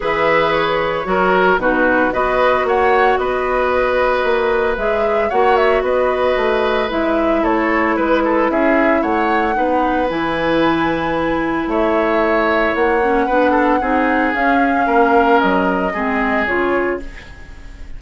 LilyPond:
<<
  \new Staff \with { instrumentName = "flute" } { \time 4/4 \tempo 4 = 113 e''4 cis''2 b'4 | dis''4 fis''4 dis''2~ | dis''4 e''4 fis''8 e''8 dis''4~ | dis''4 e''4 cis''4 b'4 |
e''4 fis''2 gis''4~ | gis''2 e''2 | fis''2. f''4~ | f''4 dis''2 cis''4 | }
  \new Staff \with { instrumentName = "oboe" } { \time 4/4 b'2 ais'4 fis'4 | b'4 cis''4 b'2~ | b'2 cis''4 b'4~ | b'2 a'4 b'8 a'8 |
gis'4 cis''4 b'2~ | b'2 cis''2~ | cis''4 b'8 a'8 gis'2 | ais'2 gis'2 | }
  \new Staff \with { instrumentName = "clarinet" } { \time 4/4 gis'2 fis'4 dis'4 | fis'1~ | fis'4 gis'4 fis'2~ | fis'4 e'2.~ |
e'2 dis'4 e'4~ | e'1~ | e'8 cis'8 d'4 dis'4 cis'4~ | cis'2 c'4 f'4 | }
  \new Staff \with { instrumentName = "bassoon" } { \time 4/4 e2 fis4 b,4 | b4 ais4 b2 | ais4 gis4 ais4 b4 | a4 gis4 a4 gis4 |
cis'4 a4 b4 e4~ | e2 a2 | ais4 b4 c'4 cis'4 | ais4 fis4 gis4 cis4 | }
>>